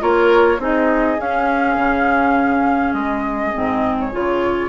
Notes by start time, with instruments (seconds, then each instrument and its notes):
0.00 bassoon A#3, clarinet F4, oboe A#4, flute C#5
0.59 bassoon C4, clarinet D#4, oboe G#4, flute D#5
1.19 clarinet C#4, bassoon C#4, flute F5
1.77 bassoon C#3
2.94 bassoon G#3, flute D#5
3.54 bassoon G#2, clarinet C4
4.01 flute C#5
4.13 bassoon C#3, clarinet F4